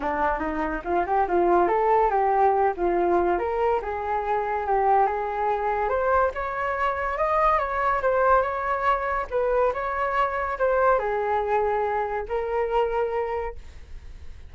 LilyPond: \new Staff \with { instrumentName = "flute" } { \time 4/4 \tempo 4 = 142 d'4 dis'4 f'8 g'8 f'4 | a'4 g'4. f'4. | ais'4 gis'2 g'4 | gis'2 c''4 cis''4~ |
cis''4 dis''4 cis''4 c''4 | cis''2 b'4 cis''4~ | cis''4 c''4 gis'2~ | gis'4 ais'2. | }